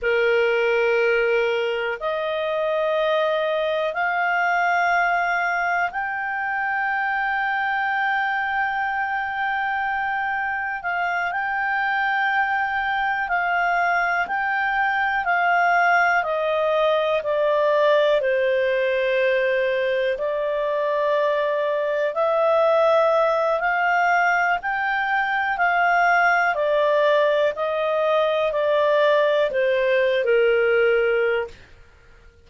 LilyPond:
\new Staff \with { instrumentName = "clarinet" } { \time 4/4 \tempo 4 = 61 ais'2 dis''2 | f''2 g''2~ | g''2. f''8 g''8~ | g''4. f''4 g''4 f''8~ |
f''8 dis''4 d''4 c''4.~ | c''8 d''2 e''4. | f''4 g''4 f''4 d''4 | dis''4 d''4 c''8. ais'4~ ais'16 | }